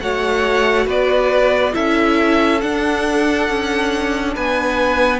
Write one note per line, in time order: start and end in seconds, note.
0.00 0.87 A3
0.00 1.72 F#4
0.00 0.86 C#5
0.00 0.87 F#5
0.86 1.74 B3
0.86 1.73 B4
0.86 1.74 D5
1.72 2.63 C#4
1.72 2.59 E4
1.72 4.34 A4
1.72 2.61 E5
2.61 5.20 D4
2.61 3.49 D4
2.61 4.34 F#5
3.49 4.36 C#4
4.34 5.20 B3
4.34 5.20 B4
4.34 5.20 G#5